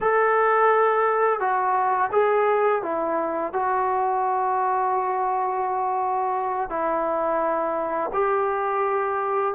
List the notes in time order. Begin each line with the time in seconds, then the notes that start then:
0.00 A4
1.40 F#4
2.12 G#4
2.82 E4
3.53 F#4
6.69 E4
8.13 G4